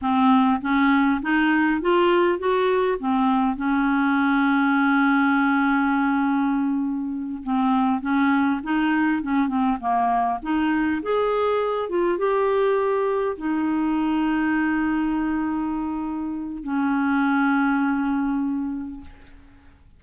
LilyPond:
\new Staff \with { instrumentName = "clarinet" } { \time 4/4 \tempo 4 = 101 c'4 cis'4 dis'4 f'4 | fis'4 c'4 cis'2~ | cis'1~ | cis'8 c'4 cis'4 dis'4 cis'8 |
c'8 ais4 dis'4 gis'4. | f'8 g'2 dis'4.~ | dis'1 | cis'1 | }